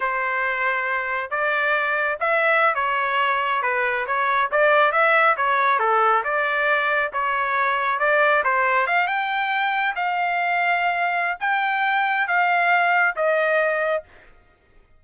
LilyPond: \new Staff \with { instrumentName = "trumpet" } { \time 4/4 \tempo 4 = 137 c''2. d''4~ | d''4 e''4~ e''16 cis''4.~ cis''16~ | cis''16 b'4 cis''4 d''4 e''8.~ | e''16 cis''4 a'4 d''4.~ d''16~ |
d''16 cis''2 d''4 c''8.~ | c''16 f''8 g''2 f''4~ f''16~ | f''2 g''2 | f''2 dis''2 | }